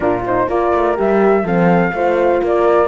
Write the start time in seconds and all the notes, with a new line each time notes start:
0.00 A#2 D4 F4 A#4
0.26 D#4 C5
0.47 A#3 F4 A#4 D5
0.74 A3
0.95 G3 G4 E5
1.43 F3 C4 A4 F5
1.92 A3 F4 C5
2.42 A#3 A#4 D5